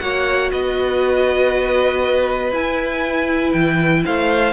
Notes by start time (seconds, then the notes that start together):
0.00 A#3 F#4 C#5 F#5
0.52 B3 B4 D#5
2.52 E4 G#5
3.53 E3 G5
4.05 A3 C5 F5